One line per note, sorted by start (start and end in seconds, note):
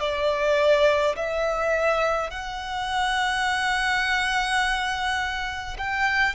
0.00 1.15 D5
1.16 2.31 E5
2.31 5.77 F#5
5.78 6.35 G5